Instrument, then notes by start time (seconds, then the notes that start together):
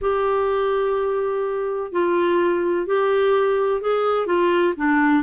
clarinet
0.01 G4
1.91 F4
2.86 G4
3.81 G#4
4.26 F4
4.76 D4